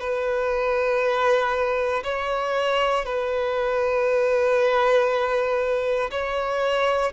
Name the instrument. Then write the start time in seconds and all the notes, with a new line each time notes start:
violin
0.00 B4
2.04 C#5
3.06 B4
6.11 C#5